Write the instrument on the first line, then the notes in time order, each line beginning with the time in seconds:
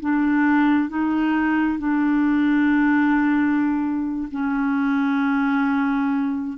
clarinet
0.00 D4
0.89 D#4
1.79 D4
4.31 C#4